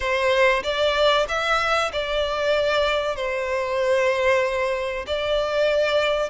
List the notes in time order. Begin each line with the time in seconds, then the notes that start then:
0.00 C5
0.63 D5
1.28 E5
1.92 D5
3.16 C5
5.06 D5